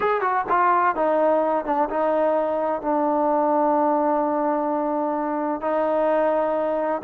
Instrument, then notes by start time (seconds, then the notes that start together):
trombone
0.00 G#4
0.21 F#4
0.49 F4
0.95 D#4
1.65 D4
1.89 D#4
2.81 D4
5.61 D#4